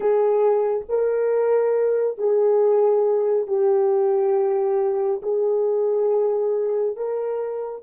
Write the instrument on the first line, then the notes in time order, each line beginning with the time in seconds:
horn
0.00 G#4
0.89 A#4
2.17 G#4
3.47 G4
5.22 G#4
6.96 A#4